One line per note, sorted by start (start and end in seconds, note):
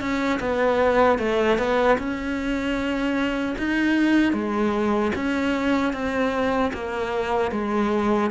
0.00 0.39 C#4
0.40 1.18 B3
1.18 1.58 A3
1.58 1.97 B3
1.98 3.56 C#4
3.58 4.33 D#4
4.33 5.12 G#3
5.15 5.93 C#4
5.93 6.72 C4
6.73 7.51 A#3
7.51 8.30 G#3